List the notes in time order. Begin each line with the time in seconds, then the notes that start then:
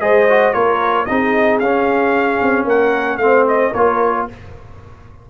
0.00 G#3 G#4 C5 D#5
0.29 F#4
0.53 A#3 F4 A#4 C#5
1.05 C4 D#4 G#4 D#5
1.59 C#4 F5
2.42 C4
2.64 A#3 A#4 F#5
3.17 A3 C4 C5 F5
3.48 D#5
3.71 A#3 F4 A#4 C#5